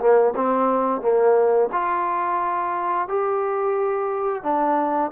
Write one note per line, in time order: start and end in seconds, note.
0.00 0.34 A#3
0.36 1.02 C4
1.02 1.70 A#3
1.73 3.08 F4
3.08 4.43 G4
4.43 5.11 D4